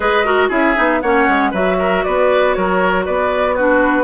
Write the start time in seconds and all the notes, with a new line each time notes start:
0.00 G#3 G#4 B4 D#5
0.24 F#4 A#4
0.48 C#4 E4 G#4 E5
0.75 B3 D#4
1.00 A#3 C#4 C#5 F#5
1.28 G#3
1.51 F#3 F#4 B4 E5
1.78 A#4
2.03 B3 B4 D5
2.53 F#3 A#4 C#5
3.05 B3 B4 D5
3.55 D4 F#4 B4